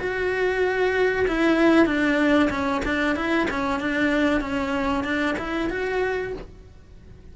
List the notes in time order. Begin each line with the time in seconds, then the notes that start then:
0.00 F#4
1.28 E4
1.86 D4
2.50 C#4
2.85 D4
3.16 E4
3.51 C#4
3.80 D4
4.41 C#4
5.04 D4
5.39 E4
5.70 F#4